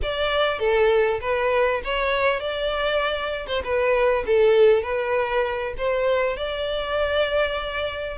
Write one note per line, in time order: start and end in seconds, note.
0.02 0.59 D5
0.59 1.20 A4
1.21 1.81 B4
1.84 2.40 C#5
2.40 3.46 D5
3.47 3.62 C5
3.64 4.24 B4
4.26 4.82 A4
4.82 5.73 B4
5.77 6.36 C5
6.36 8.17 D5